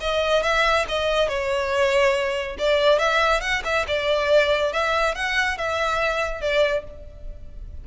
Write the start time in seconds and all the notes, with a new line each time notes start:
0.00 D#5
0.43 E5
0.88 D#5
1.28 C#5
2.58 D5
2.99 E5
3.41 F#5
3.64 E5
3.88 D5
4.73 E5
5.14 F#5
5.58 E5
6.41 D5